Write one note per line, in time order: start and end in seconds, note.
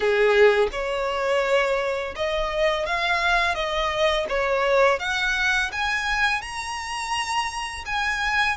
0.00 0.68 G#4
0.71 2.14 C#5
2.15 2.85 D#5
2.85 3.54 F5
3.54 4.26 D#5
4.29 4.99 C#5
4.99 5.70 F#5
5.71 6.41 G#5
6.41 7.84 A#5
7.85 8.57 G#5